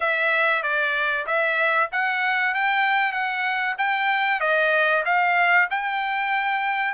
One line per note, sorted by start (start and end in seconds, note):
0.00 0.63 E5
0.63 1.26 D5
1.26 1.89 E5
1.91 2.54 F#5
2.54 3.12 G5
3.12 3.75 F#5
3.78 4.40 G5
4.40 5.03 D#5
5.05 5.68 F5
5.70 6.94 G5